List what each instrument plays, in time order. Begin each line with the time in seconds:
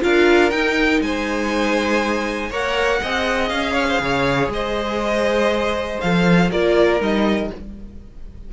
0.00 cello D4, viola F4, violin A#4 F5
0.50 viola D#4, cello D#4, violin G5
1.00 cello G#3, violin C5 G#5
2.49 cello A#3, viola A#4, violin C#5 F#5
3.01 cello C4, viola G#4, violin D#5
3.48 cello C#4, violin F5
3.73 violin C#5
3.88 violin C5
4.00 cello C#3, violin C#5
4.48 cello G#3, violin C5 D#5
6.00 cello F3, viola A4, violin F5
6.51 cello A#3, viola F4, violin A#4 D5
6.99 cello G3, viola D#4, violin D#5